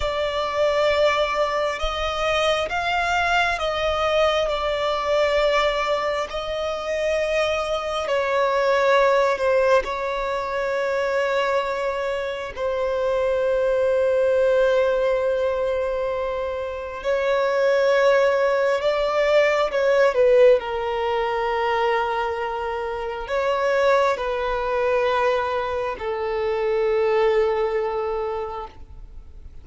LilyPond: \new Staff \with { instrumentName = "violin" } { \time 4/4 \tempo 4 = 67 d''2 dis''4 f''4 | dis''4 d''2 dis''4~ | dis''4 cis''4. c''8 cis''4~ | cis''2 c''2~ |
c''2. cis''4~ | cis''4 d''4 cis''8 b'8 ais'4~ | ais'2 cis''4 b'4~ | b'4 a'2. | }